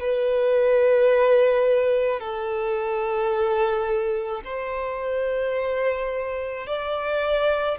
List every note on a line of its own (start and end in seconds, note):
0.00 2.19 B4
2.19 4.41 A4
4.44 6.66 C5
6.66 7.77 D5